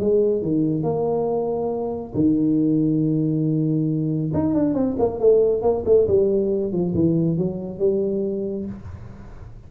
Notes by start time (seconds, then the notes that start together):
0.00 G#3
0.42 D#3
0.83 A#3
2.14 D#3
4.33 D#4
4.54 D4
4.74 C4
4.99 A#3
5.19 A3
5.62 A#3
5.85 A3
6.08 G3
6.72 F3
6.94 E3
7.38 F#3
7.79 G3